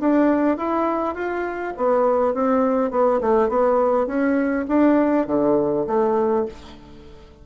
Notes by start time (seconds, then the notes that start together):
0.00 D4
0.57 E4
1.15 F4
1.77 B3
2.34 C4
2.91 B3
3.21 A3
3.49 B3
4.07 C#4
4.68 D4
5.27 D3
5.87 A3